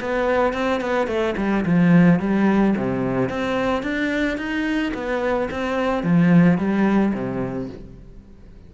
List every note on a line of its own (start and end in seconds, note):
0.00 0.53 B3
0.53 0.80 C4
0.81 1.07 B3
1.07 1.34 A3
1.37 1.65 G3
1.65 2.19 F3
2.19 2.74 G3
2.76 3.29 C3
3.29 3.83 C4
3.83 4.37 D4
4.37 4.92 D#4
4.94 5.49 B3
5.51 6.03 C4
6.03 6.58 F3
6.58 7.13 G3
7.14 7.69 C3